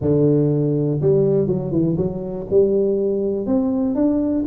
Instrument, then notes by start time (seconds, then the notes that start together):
tuba
0.01 D3
1.01 G3
1.47 F#3
1.71 E3
1.97 F#3
2.50 G3
3.46 C4
3.95 D4